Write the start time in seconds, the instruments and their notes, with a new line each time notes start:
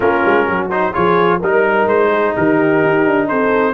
0.00 tuba A#3, trombone C#4, horn F4, trumpet A#4
0.25 tuba G#3
0.46 tuba F#3, horn F#4
0.70 trombone D#4, trumpet C5
0.93 tuba F3, trombone F4, horn G#4, trumpet C#5
1.38 tuba G3, trombone D#4, horn A#4, trumpet A#4
1.86 tuba G#3, trumpet C5
2.10 horn G#4
2.34 tuba D#3, horn G4, trumpet A#4
2.83 tuba D#4
3.06 tuba D4
3.28 tuba C4, horn A4, trumpet C5